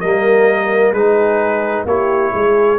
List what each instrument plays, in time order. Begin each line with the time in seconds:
0.00 tuba G3, trombone A#3, horn A#4, trumpet D#5
0.92 tuba G#3, trombone D#4, horn G#4, trumpet B4
1.85 tuba A#3, trombone E4, horn G4, trumpet C#5
2.34 tuba G#3, horn G#4